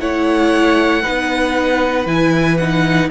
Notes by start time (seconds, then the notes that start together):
0.00 A3 E4 C#5 F#5
1.02 D#4 B4
1.08 B3
2.06 E3 E4 G#5
2.57 D#4 F#5